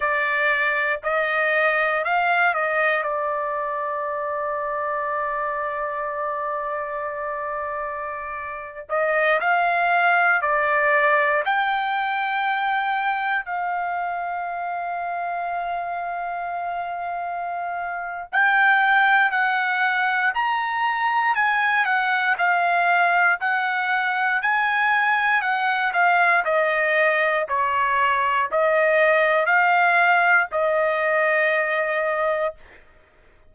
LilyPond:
\new Staff \with { instrumentName = "trumpet" } { \time 4/4 \tempo 4 = 59 d''4 dis''4 f''8 dis''8 d''4~ | d''1~ | d''8. dis''8 f''4 d''4 g''8.~ | g''4~ g''16 f''2~ f''8.~ |
f''2 g''4 fis''4 | ais''4 gis''8 fis''8 f''4 fis''4 | gis''4 fis''8 f''8 dis''4 cis''4 | dis''4 f''4 dis''2 | }